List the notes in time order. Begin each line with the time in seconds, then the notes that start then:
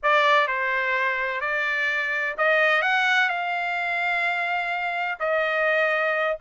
0.02 D5
0.47 C5
1.40 D5
2.37 D#5
2.82 F#5
3.29 F5
5.19 D#5